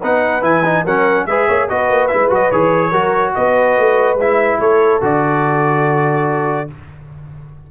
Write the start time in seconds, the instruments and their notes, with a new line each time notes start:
0.00 tuba B3, trombone D#4, horn B4, trumpet F#5
0.42 tuba E3, trombone E4, trumpet G#5
0.65 trombone D#4
0.85 tuba F#3, trombone C#4, horn A#4, trumpet F#5
1.26 tuba G#3, trombone G#4, horn B4, trumpet E5
1.48 tuba A#3, horn C#5
1.69 tuba B3, trombone F#4, horn B4, trumpet D#5
1.90 tuba A#3
2.08 trombone E4, trumpet E5
2.14 tuba G#3
2.30 tuba F#3, trombone F#4, trumpet D#5
2.51 tuba E3, trombone G#4, trumpet C#5
2.91 tuba F#3, trombone F#4, horn A#4
3.35 tuba B3, horn B4, trumpet D#5
3.78 tuba A3
4.16 tuba G#3, trombone E4, trumpet E5
4.59 tuba A3, horn A4, trumpet C#5
5.01 tuba D3, trombone F#4, trumpet D5